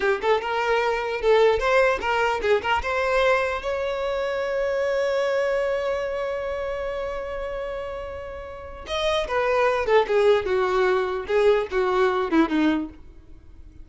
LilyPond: \new Staff \with { instrumentName = "violin" } { \time 4/4 \tempo 4 = 149 g'8 a'8 ais'2 a'4 | c''4 ais'4 gis'8 ais'8 c''4~ | c''4 cis''2.~ | cis''1~ |
cis''1~ | cis''2 dis''4 b'4~ | b'8 a'8 gis'4 fis'2 | gis'4 fis'4. e'8 dis'4 | }